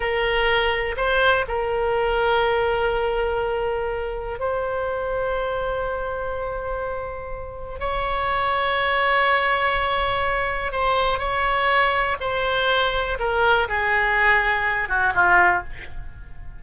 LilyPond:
\new Staff \with { instrumentName = "oboe" } { \time 4/4 \tempo 4 = 123 ais'2 c''4 ais'4~ | ais'1~ | ais'4 c''2.~ | c''1 |
cis''1~ | cis''2 c''4 cis''4~ | cis''4 c''2 ais'4 | gis'2~ gis'8 fis'8 f'4 | }